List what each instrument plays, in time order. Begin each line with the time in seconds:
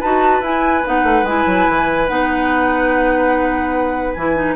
0.00 bassoon D#4, clarinet F#4, oboe B4, flute A5
0.41 bassoon E4, clarinet E4, flute G#5
0.84 bassoon B3, clarinet D#4, flute F#5
1.03 bassoon A3
1.23 bassoon G#3, clarinet E4, flute G#5
1.46 bassoon F#3
1.69 bassoon E3
2.07 bassoon B3, clarinet D#4, flute F#5
4.14 bassoon E3, clarinet E4, flute G#5
4.36 clarinet D#4